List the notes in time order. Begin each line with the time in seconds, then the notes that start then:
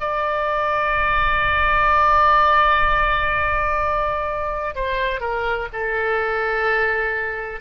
0.00 D5
4.75 C5
5.20 A#4
5.73 A4